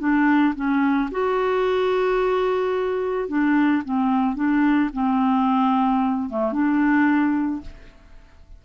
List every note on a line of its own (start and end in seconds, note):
0.00 0.55 D4
0.56 1.10 C#4
1.12 3.29 F#4
3.29 3.83 D4
3.85 4.36 C4
4.36 4.90 D4
4.94 6.30 C4
6.30 6.53 A3
6.53 7.62 D4